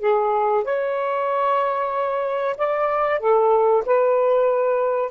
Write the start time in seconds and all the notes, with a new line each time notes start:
0.00 G#4
0.64 C#5
2.57 D5
3.19 A4
3.86 B4